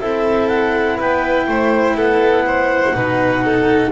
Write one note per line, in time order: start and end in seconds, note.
0.00 0.99 C4
0.00 2.94 E4
0.00 0.97 A4
0.00 0.48 E5
0.48 0.97 F#5
0.97 1.48 B3
0.97 1.46 B4
0.97 1.98 G5
1.48 1.95 A3
1.48 1.96 C5
1.95 2.93 B3
1.95 2.45 A4
1.95 3.92 F#5
2.47 2.96 C5
2.94 3.92 B2
2.94 3.92 D#4
2.94 3.44 B4
3.44 3.92 A4